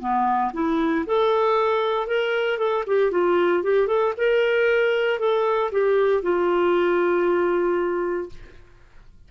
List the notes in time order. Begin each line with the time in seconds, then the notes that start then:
0.00 B3
0.54 E4
1.07 A4
2.07 A#4
2.58 A4
2.87 G4
3.12 F4
3.63 G4
3.87 A4
4.18 A#4
5.19 A4
5.72 G4
6.23 F4